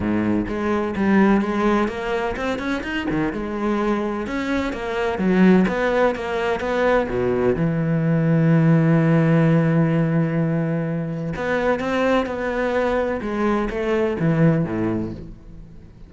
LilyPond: \new Staff \with { instrumentName = "cello" } { \time 4/4 \tempo 4 = 127 gis,4 gis4 g4 gis4 | ais4 c'8 cis'8 dis'8 dis8 gis4~ | gis4 cis'4 ais4 fis4 | b4 ais4 b4 b,4 |
e1~ | e1 | b4 c'4 b2 | gis4 a4 e4 a,4 | }